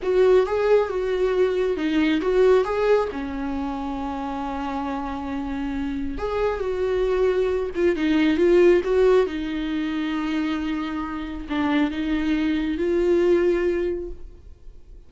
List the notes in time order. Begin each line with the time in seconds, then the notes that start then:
0.02 F#4
0.46 G#4
0.89 F#4
1.76 D#4
2.21 F#4
2.64 G#4
3.11 C#4
6.18 G#4
6.59 F#4
7.75 F4
7.95 D#4
8.37 F4
8.84 F#4
9.26 D#4
11.49 D4
11.91 D#4
12.77 F4